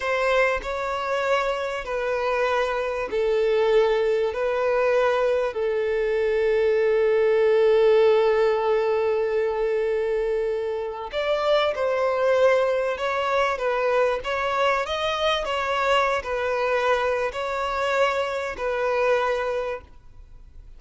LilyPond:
\new Staff \with { instrumentName = "violin" } { \time 4/4 \tempo 4 = 97 c''4 cis''2 b'4~ | b'4 a'2 b'4~ | b'4 a'2.~ | a'1~ |
a'2 d''4 c''4~ | c''4 cis''4 b'4 cis''4 | dis''4 cis''4~ cis''16 b'4.~ b'16 | cis''2 b'2 | }